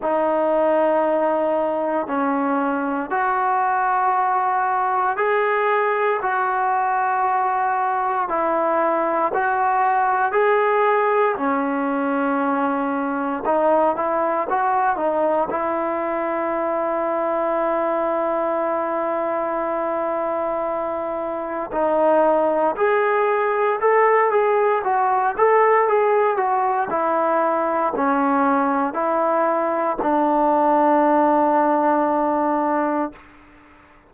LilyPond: \new Staff \with { instrumentName = "trombone" } { \time 4/4 \tempo 4 = 58 dis'2 cis'4 fis'4~ | fis'4 gis'4 fis'2 | e'4 fis'4 gis'4 cis'4~ | cis'4 dis'8 e'8 fis'8 dis'8 e'4~ |
e'1~ | e'4 dis'4 gis'4 a'8 gis'8 | fis'8 a'8 gis'8 fis'8 e'4 cis'4 | e'4 d'2. | }